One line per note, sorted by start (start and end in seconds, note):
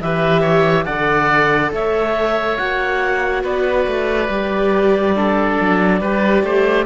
0.00 0.86 E3
0.00 0.85 G4
0.00 0.41 B4
0.00 0.85 E5
0.41 0.84 C#5
0.85 1.72 D3
0.85 2.57 A4
0.85 1.71 D5
0.85 1.70 F#5
1.72 2.58 A3
1.72 3.43 C#5
1.72 2.57 E5
2.57 3.44 A#3
2.57 4.29 F#4
2.57 3.43 F#5
3.43 3.86 B3
3.43 5.14 B4
3.43 6.85 D5
3.86 4.29 A3
4.29 5.57 G3
4.29 5.15 G4
5.15 6.01 D4
5.15 6.01 A4
5.60 6.01 F#3
6.01 6.43 G3
6.01 6.85 G4
6.01 6.43 B4
6.43 6.85 A3
6.43 6.85 C5